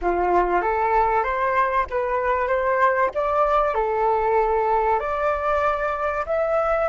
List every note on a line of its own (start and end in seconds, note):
0.01 0.61 F4
0.61 1.23 A4
1.23 1.86 C5
1.89 2.47 B4
2.47 3.10 C5
3.14 3.74 D5
3.74 4.99 A4
4.99 6.24 D5
6.26 6.88 E5